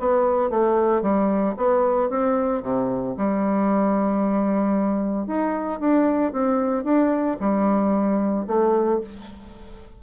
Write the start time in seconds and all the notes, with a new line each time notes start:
0.00 B3
0.50 A3
1.03 G3
1.57 B3
2.10 C4
2.63 C3
3.18 G3
5.27 D#4
5.80 D4
6.33 C4
6.84 D4
7.40 G3
8.48 A3